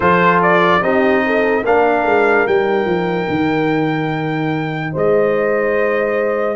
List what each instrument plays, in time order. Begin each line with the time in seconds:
0.00 tuba F3, trombone F4, horn A4, trumpet C5
0.42 trumpet D5
0.81 tuba C4, trombone D#4, horn G4, trumpet D#5
1.26 horn A4
1.65 tuba A#3, trombone D4, horn A#4, trumpet F5
2.05 tuba G#3
2.47 tuba G3, trombone D#4, trumpet G5
2.85 tuba F3
3.29 tuba D#3
4.92 tuba G#3, horn C5, trumpet D#5